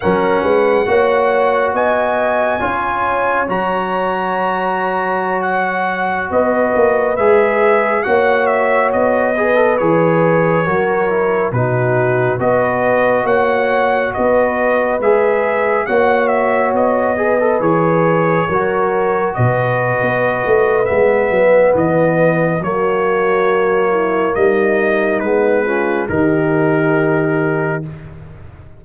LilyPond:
<<
  \new Staff \with { instrumentName = "trumpet" } { \time 4/4 \tempo 4 = 69 fis''2 gis''2 | ais''2~ ais''16 fis''4 dis''8.~ | dis''16 e''4 fis''8 e''8 dis''4 cis''8.~ | cis''4~ cis''16 b'4 dis''4 fis''8.~ |
fis''16 dis''4 e''4 fis''8 e''8 dis''8.~ | dis''16 cis''2 dis''4.~ dis''16 | e''4 dis''4 cis''2 | dis''4 b'4 ais'2 | }
  \new Staff \with { instrumentName = "horn" } { \time 4/4 ais'8 b'8 cis''4 dis''4 cis''4~ | cis''2.~ cis''16 b'8.~ | b'4~ b'16 cis''4. b'4~ b'16~ | b'16 ais'4 fis'4 b'4 cis''8.~ |
cis''16 b'2 cis''4. b'16~ | b'4~ b'16 ais'4 b'4.~ b'16~ | b'2 fis'4. e'8 | dis'4. f'8 g'2 | }
  \new Staff \with { instrumentName = "trombone" } { \time 4/4 cis'4 fis'2 f'4 | fis'1~ | fis'16 gis'4 fis'4. gis'16 a'16 gis'8.~ | gis'16 fis'8 e'8 dis'4 fis'4.~ fis'16~ |
fis'4~ fis'16 gis'4 fis'4. gis'16 | a'16 gis'4 fis'2~ fis'8. | b2 ais2~ | ais4 b8 cis'8 dis'2 | }
  \new Staff \with { instrumentName = "tuba" } { \time 4/4 fis8 gis8 ais4 b4 cis'4 | fis2.~ fis16 b8 ais16~ | ais16 gis4 ais4 b4 e8.~ | e16 fis4 b,4 b4 ais8.~ |
ais16 b4 gis4 ais4 b8.~ | b16 e4 fis4 b,8. b8 a8 | gis8 fis8 e4 fis2 | g4 gis4 dis2 | }
>>